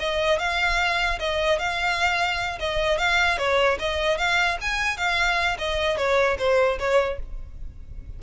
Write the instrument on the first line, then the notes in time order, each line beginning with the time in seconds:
violin
0.00 D#5
0.39 F5
1.20 D#5
1.59 F5
2.60 D#5
2.99 F5
3.38 C#5
3.80 D#5
4.18 F5
4.62 G#5
4.98 F5
5.59 D#5
5.98 C#5
6.39 C5
6.80 C#5